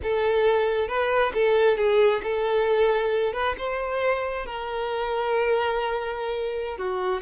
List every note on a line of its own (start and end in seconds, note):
0.02 0.88 A4
0.88 1.32 B4
1.34 1.77 A4
1.77 2.21 G#4
2.23 3.33 A4
3.33 3.55 B4
3.58 4.46 C5
4.46 6.77 A#4
6.77 7.21 F#4